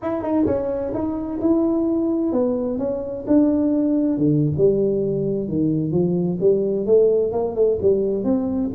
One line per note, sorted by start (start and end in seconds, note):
0.01 0.22 E4
0.22 0.45 D#4
0.46 0.92 C#4
0.94 1.40 D#4
1.40 2.32 E4
2.32 2.78 B3
2.78 3.25 C#4
3.27 4.17 D4
4.17 4.52 D3
4.57 5.48 G3
5.48 5.91 D#3
5.91 6.38 F3
6.40 6.86 G3
6.86 7.31 A3
7.31 7.55 A#3
7.55 7.78 A3
7.81 8.23 G3
8.23 8.70 C4